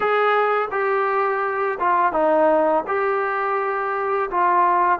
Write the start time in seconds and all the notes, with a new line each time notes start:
0.00 G#4
0.71 G4
1.79 F4
2.12 D#4
2.87 G4
4.30 F4